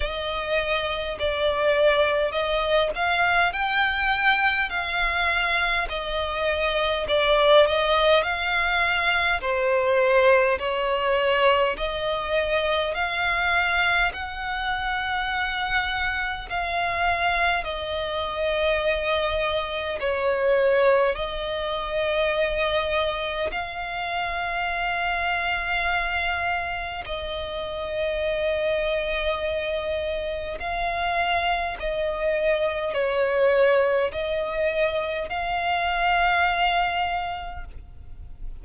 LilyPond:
\new Staff \with { instrumentName = "violin" } { \time 4/4 \tempo 4 = 51 dis''4 d''4 dis''8 f''8 g''4 | f''4 dis''4 d''8 dis''8 f''4 | c''4 cis''4 dis''4 f''4 | fis''2 f''4 dis''4~ |
dis''4 cis''4 dis''2 | f''2. dis''4~ | dis''2 f''4 dis''4 | cis''4 dis''4 f''2 | }